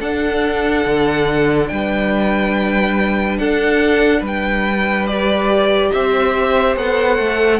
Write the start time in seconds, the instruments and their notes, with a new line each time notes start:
0.00 cello D4, viola D4, violin A4 F#5
0.86 cello D3
1.68 cello G3, violin B4 G5
3.39 cello D4, violin A4 F#5
4.21 cello G3, violin B4
4.27 violin G5
5.07 viola G4, violin D5
5.92 cello C4, violin C5 E5
6.76 cello B3, viola A4, violin F#5
7.19 cello A3